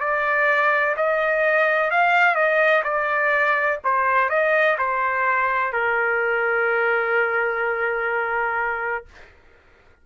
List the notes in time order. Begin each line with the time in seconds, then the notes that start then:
0.00 D5
0.96 D#5
1.90 F5
2.35 D#5
2.84 D5
3.84 C5
4.29 D#5
4.78 C5
5.72 A#4